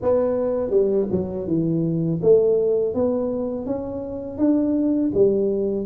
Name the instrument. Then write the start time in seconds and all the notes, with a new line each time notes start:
tuba
0.02 B3
0.70 G3
1.11 F#3
1.47 E3
2.22 A3
2.94 B3
3.66 C#4
4.38 D4
5.14 G3